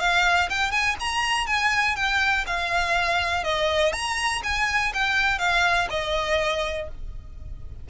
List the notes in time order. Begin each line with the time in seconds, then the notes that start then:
0.00 F5
0.49 G5
0.71 G#5
1.00 A#5
1.47 G#5
1.96 G5
2.47 F5
3.44 D#5
3.93 A#5
4.44 G#5
4.94 G5
5.39 F5
5.90 D#5